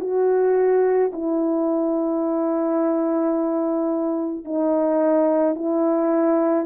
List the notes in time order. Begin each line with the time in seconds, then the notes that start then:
0.00 F#4
1.13 E4
4.44 D#4
5.55 E4